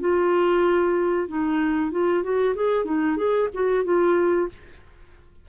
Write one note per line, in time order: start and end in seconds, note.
0.00 1.28 F4
1.28 1.91 D#4
1.91 2.23 F4
2.23 2.55 F#4
2.55 2.85 G#4
2.85 3.17 D#4
3.17 3.48 G#4
3.53 3.84 F#4
3.84 4.48 F4